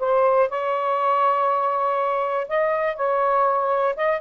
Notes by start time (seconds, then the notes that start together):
0.00 C5
0.50 C#5
2.49 D#5
2.96 C#5
3.96 D#5